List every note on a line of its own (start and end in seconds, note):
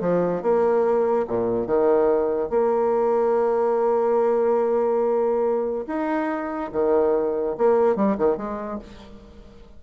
0.00 0.42 F3
0.42 1.26 A#3
1.27 1.66 A#2
1.66 2.49 D#3
2.49 5.85 A#3
5.87 6.71 D#4
6.72 7.56 D#3
7.57 7.96 A#3
7.96 8.17 G3
8.18 8.37 D#3
8.37 8.79 G#3